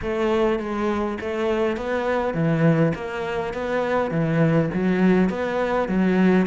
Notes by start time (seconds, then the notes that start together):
0.02 A3
0.59 G#3
1.20 A3
1.76 B3
2.33 E3
2.94 A#3
3.53 B3
4.10 E3
4.73 F#3
5.29 B3
5.88 F#3